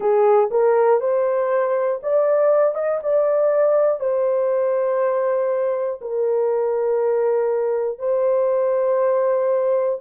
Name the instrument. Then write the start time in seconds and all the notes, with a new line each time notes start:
horn
0.00 G#4
0.50 A#4
1.00 C5
2.03 D5
2.75 D#5
3.03 D5
4.00 C5
6.00 A#4
7.98 C5